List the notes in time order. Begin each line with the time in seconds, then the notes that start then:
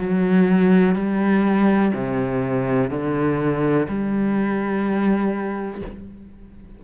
0.00 F#3
0.95 G3
1.94 C3
2.91 D3
3.88 G3